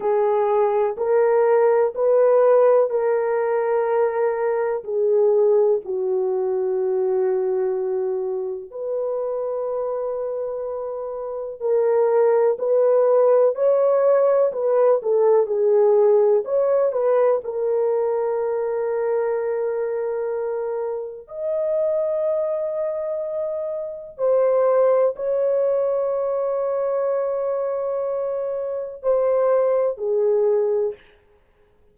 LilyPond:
\new Staff \with { instrumentName = "horn" } { \time 4/4 \tempo 4 = 62 gis'4 ais'4 b'4 ais'4~ | ais'4 gis'4 fis'2~ | fis'4 b'2. | ais'4 b'4 cis''4 b'8 a'8 |
gis'4 cis''8 b'8 ais'2~ | ais'2 dis''2~ | dis''4 c''4 cis''2~ | cis''2 c''4 gis'4 | }